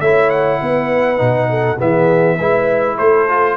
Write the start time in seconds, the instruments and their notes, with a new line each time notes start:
0.00 tuba A3, trombone E4, horn C#5, trumpet E5
0.30 trumpet F#5
0.60 tuba B3, horn B4
1.17 tuba B2, trombone D#4
1.50 horn A4
1.79 tuba E3, trombone B3, horn G#4, trumpet E5
2.36 tuba G#3, trombone E4, horn B4
2.96 tuba A3, horn A4, trumpet C5
3.28 trombone F4